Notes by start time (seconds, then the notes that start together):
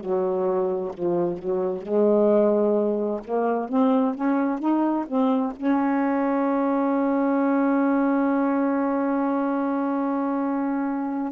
0.00 F#3
0.94 F3
1.38 F#3
1.82 G#3
3.24 A#3
3.68 C4
4.15 C#4
4.59 D#4
5.07 C4
5.56 C#4